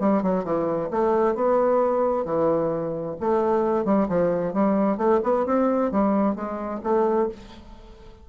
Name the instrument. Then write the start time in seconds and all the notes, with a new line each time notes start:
bassoon
0.00 G3
0.23 F#3
0.44 E3
0.91 A3
1.35 B3
2.25 E3
3.20 A3
3.85 G3
4.09 F3
4.53 G3
4.98 A3
5.23 B3
5.46 C4
5.92 G3
6.35 G#3
6.84 A3